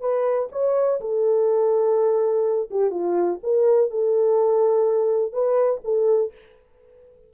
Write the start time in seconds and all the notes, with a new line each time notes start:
0.00 B4
0.51 C#5
1.00 A4
2.70 G4
2.90 F4
3.43 A#4
3.90 A4
5.32 B4
5.84 A4